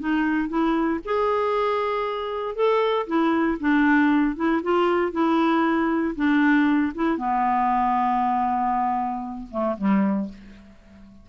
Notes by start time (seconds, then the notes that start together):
0.00 D#4
0.49 E4
1.05 G#4
2.55 A4
3.07 E4
3.60 D4
4.36 E4
4.63 F4
5.13 E4
6.16 D4
6.95 E4
7.18 B3
9.51 A3
9.78 G3